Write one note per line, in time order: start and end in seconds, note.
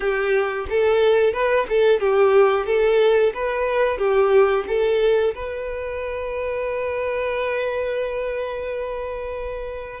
0.00 0.66 G4
0.69 1.33 A4
1.33 1.66 B4
1.68 1.99 A4
1.99 2.66 G4
2.66 3.32 A4
3.33 3.98 B4
3.98 4.64 G4
4.67 5.34 A4
5.34 10.00 B4